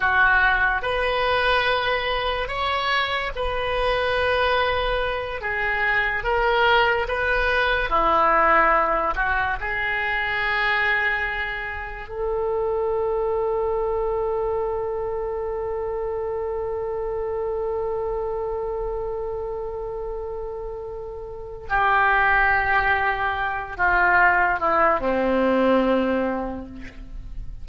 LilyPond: \new Staff \with { instrumentName = "oboe" } { \time 4/4 \tempo 4 = 72 fis'4 b'2 cis''4 | b'2~ b'8 gis'4 ais'8~ | ais'8 b'4 e'4. fis'8 gis'8~ | gis'2~ gis'8 a'4.~ |
a'1~ | a'1~ | a'2 g'2~ | g'8 f'4 e'8 c'2 | }